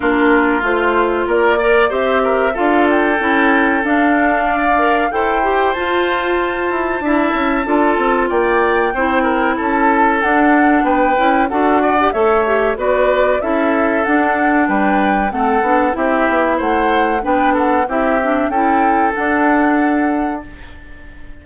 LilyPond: <<
  \new Staff \with { instrumentName = "flute" } { \time 4/4 \tempo 4 = 94 ais'4 c''4 d''4 e''4 | f''8 g''4. f''2 | g''4 a''2.~ | a''4 g''2 a''4 |
fis''4 g''4 fis''4 e''4 | d''4 e''4 fis''4 g''4 | fis''4 e''4 fis''4 g''8 fis''8 | e''4 g''4 fis''2 | }
  \new Staff \with { instrumentName = "oboe" } { \time 4/4 f'2 ais'8 d''8 c''8 ais'8 | a'2. d''4 | c''2. e''4 | a'4 d''4 c''8 ais'8 a'4~ |
a'4 b'4 a'8 d''8 cis''4 | b'4 a'2 b'4 | a'4 g'4 c''4 b'8 a'8 | g'4 a'2. | }
  \new Staff \with { instrumentName = "clarinet" } { \time 4/4 d'4 f'4. ais'8 g'4 | f'4 e'4 d'4. ais'8 | a'8 g'8 f'2 e'4 | f'2 e'2 |
d'4. e'8 fis'8. g'16 a'8 g'8 | fis'4 e'4 d'2 | c'8 d'8 e'2 d'4 | e'8 d'8 e'4 d'2 | }
  \new Staff \with { instrumentName = "bassoon" } { \time 4/4 ais4 a4 ais4 c'4 | d'4 cis'4 d'2 | e'4 f'4. e'8 d'8 cis'8 | d'8 c'8 ais4 c'4 cis'4 |
d'4 b8 cis'8 d'4 a4 | b4 cis'4 d'4 g4 | a8 b8 c'8 b8 a4 b4 | c'4 cis'4 d'2 | }
>>